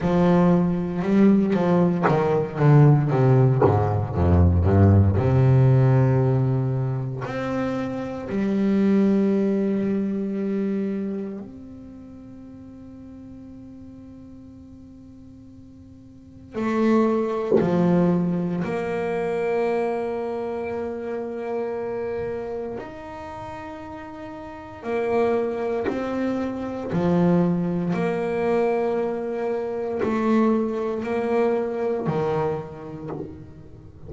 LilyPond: \new Staff \with { instrumentName = "double bass" } { \time 4/4 \tempo 4 = 58 f4 g8 f8 dis8 d8 c8 gis,8 | f,8 g,8 c2 c'4 | g2. c'4~ | c'1 |
a4 f4 ais2~ | ais2 dis'2 | ais4 c'4 f4 ais4~ | ais4 a4 ais4 dis4 | }